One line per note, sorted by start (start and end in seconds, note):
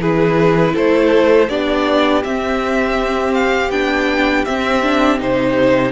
0.00 0.74 E3
0.00 1.49 E4
0.00 0.74 G#4
0.00 0.76 B4
0.74 1.50 A3
0.74 1.48 A4
0.74 1.50 C5
1.50 2.24 B3
1.50 2.23 D4
1.50 5.92 G4
1.50 2.24 D5
2.23 3.71 C4
2.23 3.70 C4
2.23 3.34 E5
3.34 3.71 F5
3.70 4.44 B3
3.70 4.46 D4
3.70 4.45 G5
4.45 4.83 C4
4.45 5.21 C4
4.45 5.19 E5
4.83 5.18 D4
5.18 5.92 C3
5.18 5.92 D#4
5.18 5.92 C5